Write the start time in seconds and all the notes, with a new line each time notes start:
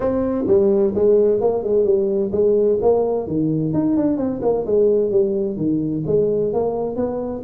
0.00 C4
0.47 G3
0.94 G#3
1.40 A#3
1.63 G#3
1.84 G3
2.32 G#3
2.81 A#3
3.27 D#3
3.73 D#4
3.96 D4
4.17 C4
4.41 A#3
4.66 G#3
5.10 G3
5.56 D#3
6.06 G#3
6.53 A#3
6.96 B3